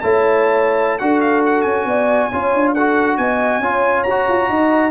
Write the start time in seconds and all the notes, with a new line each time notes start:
0.00 A3 E4 C#5 A5
0.98 D4 F#4 A4 F#5
1.20 F5
1.46 F#5
1.61 C#4 G#5
1.85 B3 D5
2.30 C#4 F4 C#5
2.54 D4
2.74 F#4 A4 F#5
3.17 B3 D#5 G#5
3.59 C#4 F4 C#5
4.03 F#4 A#5
4.10 F#4
4.29 F4
4.49 D#4 D#5